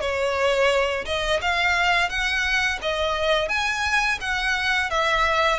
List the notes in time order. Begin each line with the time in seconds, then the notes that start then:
0.00 C#5
1.05 D#5
1.41 F5
2.09 F#5
2.82 D#5
3.48 G#5
4.20 F#5
4.90 E5